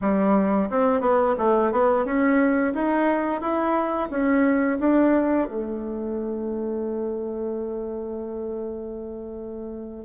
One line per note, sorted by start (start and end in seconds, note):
0.01 0.69 G3
0.69 1.00 C4
1.00 1.35 B3
1.38 1.72 A3
1.72 2.05 B3
2.05 2.73 C#4
2.73 3.41 D#4
3.41 4.09 E4
4.10 4.78 C#4
4.79 5.47 D4
5.48 10.05 A3